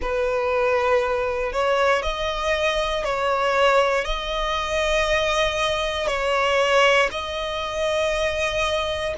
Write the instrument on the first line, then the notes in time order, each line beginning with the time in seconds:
violin
0.01 B4
1.52 C#5
2.02 D#5
3.04 C#5
4.04 D#5
6.07 C#5
7.11 D#5